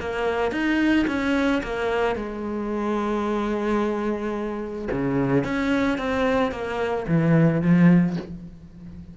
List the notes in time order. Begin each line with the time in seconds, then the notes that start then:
0.00 A#3
0.52 D#4
1.07 C#4
1.63 A#3
2.16 G#3
4.92 C#3
5.44 C#4
5.98 C4
6.52 A#3
7.08 E3
7.62 F3